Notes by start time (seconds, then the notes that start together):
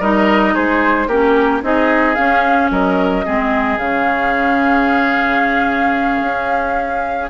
0.00 G3 D#4 A#4 D#5
0.54 G#3 G#4 C5
1.07 A#3 C#4 G4 A#4
1.62 C4 D#4 G#4 D#5
2.15 C#4 F5
2.71 F#3 A#4 D#5
3.25 G#3 C4 G#4
3.78 C#3 C#4 F5
6.22 C#4